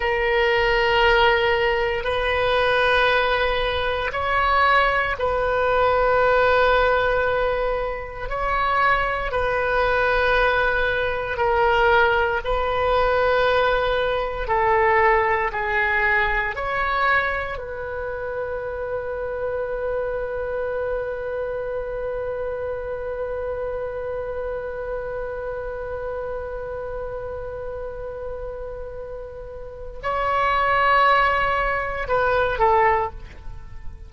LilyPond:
\new Staff \with { instrumentName = "oboe" } { \time 4/4 \tempo 4 = 58 ais'2 b'2 | cis''4 b'2. | cis''4 b'2 ais'4 | b'2 a'4 gis'4 |
cis''4 b'2.~ | b'1~ | b'1~ | b'4 cis''2 b'8 a'8 | }